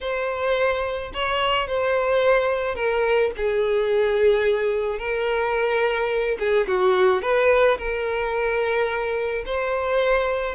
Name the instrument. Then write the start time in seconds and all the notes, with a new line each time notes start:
violin
0.00 C5
1.13 C#5
1.67 C5
2.75 A#4
3.37 G#4
4.98 A#4
6.39 G#4
6.67 F#4
7.21 B4
7.78 A#4
9.45 C5